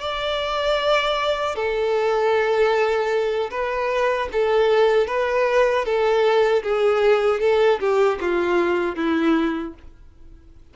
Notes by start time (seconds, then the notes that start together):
0.00 D5
1.55 A4
3.50 B4
4.32 A4
5.07 B4
5.85 A4
6.63 G#4
7.40 A4
7.80 G4
8.21 F4
8.95 E4